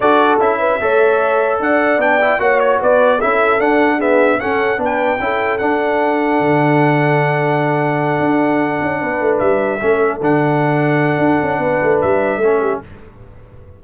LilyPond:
<<
  \new Staff \with { instrumentName = "trumpet" } { \time 4/4 \tempo 4 = 150 d''4 e''2. | fis''4 g''4 fis''8 cis''8 d''4 | e''4 fis''4 e''4 fis''4 | g''2 fis''2~ |
fis''1~ | fis''2.~ fis''8 e''8~ | e''4. fis''2~ fis''8~ | fis''2 e''2 | }
  \new Staff \with { instrumentName = "horn" } { \time 4/4 a'4. b'8 cis''2 | d''2 cis''4 b'4 | a'2 gis'4 a'4 | b'4 a'2.~ |
a'1~ | a'2~ a'8 b'4.~ | b'8 a'2.~ a'8~ | a'4 b'2 a'8 g'8 | }
  \new Staff \with { instrumentName = "trombone" } { \time 4/4 fis'4 e'4 a'2~ | a'4 d'8 e'8 fis'2 | e'4 d'4 b4 cis'4 | d'4 e'4 d'2~ |
d'1~ | d'1~ | d'8 cis'4 d'2~ d'8~ | d'2. cis'4 | }
  \new Staff \with { instrumentName = "tuba" } { \time 4/4 d'4 cis'4 a2 | d'4 b4 ais4 b4 | cis'4 d'2 cis'4 | b4 cis'4 d'2 |
d1~ | d8 d'4. cis'8 b8 a8 g8~ | g8 a4 d2~ d8 | d'8 cis'8 b8 a8 g4 a4 | }
>>